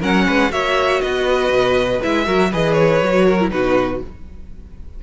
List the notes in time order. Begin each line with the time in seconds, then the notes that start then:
0.00 F#3 C#4 A#4 F#5
0.27 G#3 B4
0.50 A#3 F#4 C#5 E5
1.01 B3 B4 D#5
1.50 B2
2.02 G#3 E4 E5
2.25 F#3 F#4 A#4
2.51 E3 G#4 B4 D#5
2.73 C#5
3.02 F#3 F#4
3.26 A#4
3.41 E4
3.51 B2 D#4 F#4 B4